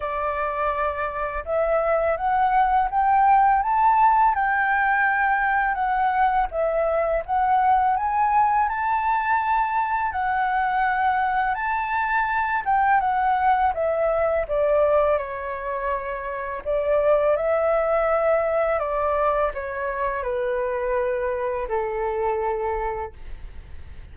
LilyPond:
\new Staff \with { instrumentName = "flute" } { \time 4/4 \tempo 4 = 83 d''2 e''4 fis''4 | g''4 a''4 g''2 | fis''4 e''4 fis''4 gis''4 | a''2 fis''2 |
a''4. g''8 fis''4 e''4 | d''4 cis''2 d''4 | e''2 d''4 cis''4 | b'2 a'2 | }